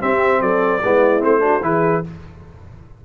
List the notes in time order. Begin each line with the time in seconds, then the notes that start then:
0.00 C4 G4 E5
0.40 F#3 A4 D5
0.83 G#3 B3 E4
1.19 A3 C4 C5
1.40 D4 F#4
1.61 E3 E4 G#4 B4